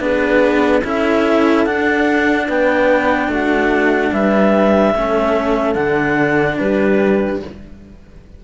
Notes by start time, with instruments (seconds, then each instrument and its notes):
0.00 cello B3 D4, horn G#4, clarinet B4
0.84 cello C#4 E4, horn A4, clarinet E5
1.65 cello D4, clarinet F#5
2.48 cello B3, horn B4, clarinet G5
3.28 cello A3, horn F#4, clarinet F#5
4.12 cello G3, horn B4, clarinet E5
4.93 cello A3 C#4, horn A4
5.74 cello D3 D4, clarinet F#5
6.58 cello G3, horn G4, clarinet B4